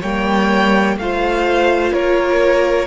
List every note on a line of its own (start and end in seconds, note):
0.00 0.96 G3
0.00 0.99 A#3
0.00 0.95 C#5
0.00 0.97 G5
0.96 1.92 A3
0.96 2.87 F4
0.96 1.92 C5
0.96 1.93 F5
1.92 2.87 A#3
1.92 2.87 A#4
1.92 2.87 C#5